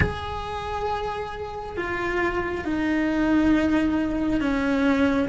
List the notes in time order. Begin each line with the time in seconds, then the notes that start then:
0.00 G#4
1.76 F4
2.64 D#4
4.40 C#4